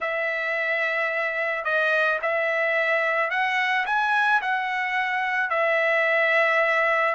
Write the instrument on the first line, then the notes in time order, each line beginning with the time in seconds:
trumpet
0.01 E5
1.64 D#5
2.21 E5
3.30 F#5
3.86 G#5
4.41 F#5
5.50 E5